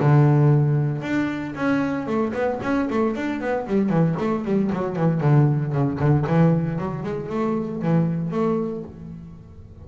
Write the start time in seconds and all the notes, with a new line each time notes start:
0.00 D3
1.02 D4
1.55 C#4
2.06 A3
2.33 B3
2.62 C#4
2.90 A3
3.16 D4
3.40 B3
3.67 G3
3.89 E3
4.19 A3
4.44 G3
4.72 F#3
4.95 E3
5.20 D3
5.72 C#3
5.99 D3
6.26 E3
6.78 F#3
7.03 G#3
7.29 A3
7.81 E3
8.31 A3